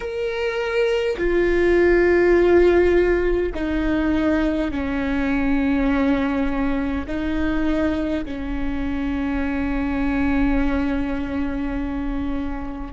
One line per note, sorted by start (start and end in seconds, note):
0.00 1.17 A#4
1.17 3.52 F4
3.54 4.71 D#4
4.71 7.06 C#4
7.06 8.24 D#4
8.25 12.93 C#4